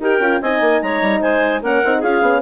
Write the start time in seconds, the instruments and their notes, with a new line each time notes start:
0.00 bassoon D#4, horn G4, clarinet A#4 G5
0.20 bassoon C#4, horn F4
0.42 bassoon C4, horn D#4, clarinet D#5 G#5
0.61 bassoon A#3
0.82 bassoon G#3, clarinet C#5 A#5
1.02 bassoon G3
1.22 bassoon G#3, clarinet C5 G#5
1.63 bassoon A#3, horn C#4, clarinet A#4 F#5
1.85 bassoon C4, horn D#4
1.99 bassoon C#4, horn F4, clarinet G#4 F5
2.22 bassoon B3, horn C#4